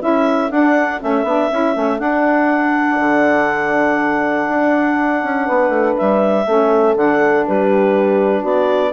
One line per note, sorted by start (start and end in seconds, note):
0.00 0.50 C#4
0.00 0.50 E4
0.00 5.46 A4
0.00 0.51 E5
0.50 1.00 D4
0.50 1.01 D4
0.50 1.01 F#5
1.01 1.24 A3
1.01 1.26 C#4
1.01 2.00 E5
1.24 1.49 B3
1.24 1.51 D4
1.52 1.76 C#4
1.52 1.75 E4
1.75 2.00 A3
1.75 1.99 C#4
1.99 6.45 D4
1.99 2.99 D4
1.99 5.96 F#5
2.99 4.48 D3
4.49 5.23 D4
5.23 5.48 C#4
5.46 5.69 B3
5.46 6.45 B4
5.69 5.94 A3
5.97 6.46 G3
5.97 6.96 E5
6.46 6.96 A3
6.46 6.97 C#4
6.46 7.47 A4
6.96 7.46 D3
6.96 8.93 D4
6.96 7.46 F#5
7.46 8.43 G3
7.46 8.42 G4
7.46 8.45 B4
8.42 8.93 B3
8.42 8.91 F#4
8.42 8.93 D5